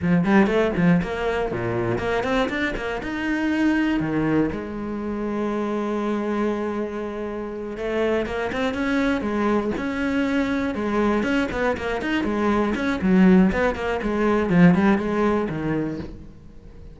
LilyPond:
\new Staff \with { instrumentName = "cello" } { \time 4/4 \tempo 4 = 120 f8 g8 a8 f8 ais4 ais,4 | ais8 c'8 d'8 ais8 dis'2 | dis4 gis2.~ | gis2.~ gis8 a8~ |
a8 ais8 c'8 cis'4 gis4 cis'8~ | cis'4. gis4 cis'8 b8 ais8 | dis'8 gis4 cis'8 fis4 b8 ais8 | gis4 f8 g8 gis4 dis4 | }